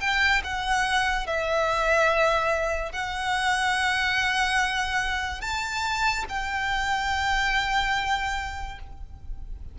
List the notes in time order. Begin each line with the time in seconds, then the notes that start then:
0.00 G5
0.44 F#5
1.26 E5
2.92 F#5
5.41 A5
6.29 G5